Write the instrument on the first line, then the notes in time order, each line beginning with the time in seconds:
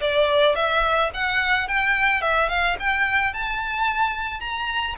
violin
0.00 D5
0.55 E5
1.13 F#5
1.67 G5
2.21 E5
2.49 F5
2.79 G5
3.33 A5
4.40 A#5